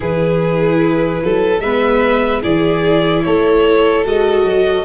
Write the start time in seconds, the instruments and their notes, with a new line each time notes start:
0.00 tuba E3, viola E4, violin G#4 B4
1.23 tuba F#3, violin A4
1.60 tuba G#3, viola B3, violin B4 E5
2.42 tuba E3, viola E4, violin G#4 D5
3.23 tuba A3, violin A4 C#5
4.04 tuba G#3, viola F#4, violin D#5
4.43 tuba F#3